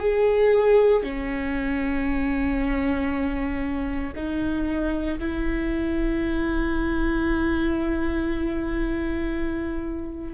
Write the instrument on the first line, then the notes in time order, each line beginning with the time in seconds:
viola
0.00 G#4
1.03 C#4
4.16 D#4
5.20 E4